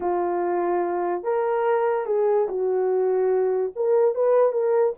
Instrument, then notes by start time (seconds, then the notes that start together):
horn
0.00 F4
1.23 A#4
2.06 G#4
2.48 F#4
3.75 A#4
4.14 B4
4.52 A#4